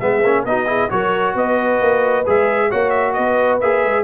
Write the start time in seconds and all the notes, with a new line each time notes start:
0.00 G#3 B3 G#4 E5
0.24 A#3 C#4
0.45 B3 D#4 F#4 D#5
0.67 E4 G#4
0.90 F#3 F#4 A#4 C#5
1.35 B3 B4 D#5
1.81 A#3
2.27 G#3 G#4 E5
2.70 A#3 F#4 C#5 F#5
2.91 E5
3.14 B3 B4 D#5
3.61 A#3 G#4 E5
3.85 G#3